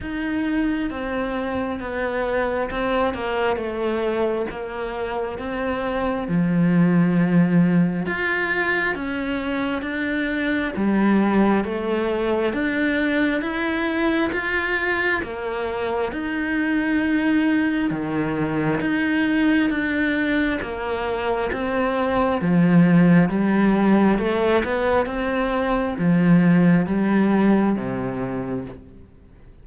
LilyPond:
\new Staff \with { instrumentName = "cello" } { \time 4/4 \tempo 4 = 67 dis'4 c'4 b4 c'8 ais8 | a4 ais4 c'4 f4~ | f4 f'4 cis'4 d'4 | g4 a4 d'4 e'4 |
f'4 ais4 dis'2 | dis4 dis'4 d'4 ais4 | c'4 f4 g4 a8 b8 | c'4 f4 g4 c4 | }